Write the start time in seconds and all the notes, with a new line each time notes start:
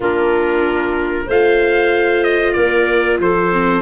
0.00 A#3 D4 F4 A#4
1.26 A3 F4 C5 F5
2.23 D#5
2.53 A#3 A#4 D5
3.19 F3 A4 C5
3.52 C4